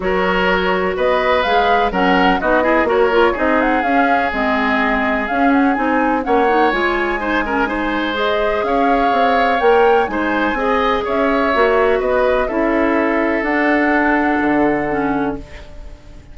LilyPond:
<<
  \new Staff \with { instrumentName = "flute" } { \time 4/4 \tempo 4 = 125 cis''2 dis''4 f''4 | fis''4 dis''4 cis''4 dis''8 fis''8 | f''4 dis''2 f''8 fis''8 | gis''4 fis''4 gis''2~ |
gis''4 dis''4 f''2 | g''4 gis''2 e''4~ | e''4 dis''4 e''2 | fis''1 | }
  \new Staff \with { instrumentName = "oboe" } { \time 4/4 ais'2 b'2 | ais'4 fis'8 gis'8 ais'4 gis'4~ | gis'1~ | gis'4 cis''2 c''8 ais'8 |
c''2 cis''2~ | cis''4 c''4 dis''4 cis''4~ | cis''4 b'4 a'2~ | a'1 | }
  \new Staff \with { instrumentName = "clarinet" } { \time 4/4 fis'2. gis'4 | cis'4 dis'8 e'8 fis'8 f'8 dis'4 | cis'4 c'2 cis'4 | dis'4 cis'8 dis'8 f'4 dis'8 cis'8 |
dis'4 gis'2. | ais'4 dis'4 gis'2 | fis'2 e'2 | d'2. cis'4 | }
  \new Staff \with { instrumentName = "bassoon" } { \time 4/4 fis2 b4 gis4 | fis4 b4 ais4 c'4 | cis'4 gis2 cis'4 | c'4 ais4 gis2~ |
gis2 cis'4 c'4 | ais4 gis4 c'4 cis'4 | ais4 b4 cis'2 | d'2 d2 | }
>>